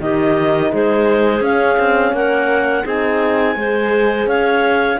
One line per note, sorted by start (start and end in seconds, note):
0.00 0.72 D#3
0.00 1.41 D#4
0.00 0.71 G4
0.00 0.72 D#5
0.71 1.40 G#3
0.71 2.14 G#4
0.71 1.43 C5
1.40 1.76 C#4
1.40 2.84 C#4
1.40 2.14 F5
1.78 2.12 C4
2.12 2.83 A#3
2.12 2.83 A#4
2.12 2.85 F#5
2.83 3.55 C4
2.83 3.55 D#4
2.83 3.55 G#4
2.83 4.28 G#5
3.55 4.26 G#3
3.55 4.99 G#4
3.55 4.28 C5
4.26 4.97 C#4
4.26 4.99 C#5
4.26 4.99 F5